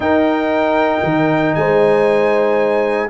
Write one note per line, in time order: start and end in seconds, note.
0.00 0.99 D#4
0.00 3.08 D#4
0.00 1.57 A#4
0.00 1.55 G5
1.03 1.55 D#3
1.55 3.09 G#3
1.55 3.09 C5
1.55 3.09 G#5